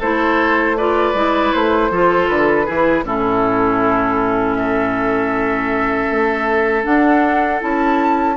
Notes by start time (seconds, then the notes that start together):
0.00 A3 E4 A4 C5
0.77 F4 B4 D5
1.14 G#3 E4
1.53 A3 C5
1.90 F3 F4 A4
2.28 D3 B4
2.66 E3 E4 G#4
3.04 A2 C#4 E4 A4
4.54 A4 E5
6.11 A3
6.83 D4 F#5
7.60 C#4 E4 A5